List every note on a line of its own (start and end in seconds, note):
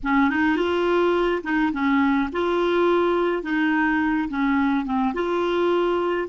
0.03 0.30 C#4
0.30 0.56 D#4
0.56 1.42 F4
1.43 1.71 D#4
1.72 2.29 C#4
2.32 3.42 F4
3.42 4.28 D#4
4.29 4.85 C#4
4.85 5.13 C4
5.14 6.28 F4